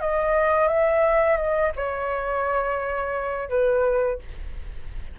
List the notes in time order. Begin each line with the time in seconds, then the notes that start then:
0.00 D#5
0.68 E5
1.37 D#5
1.76 C#5
3.49 B4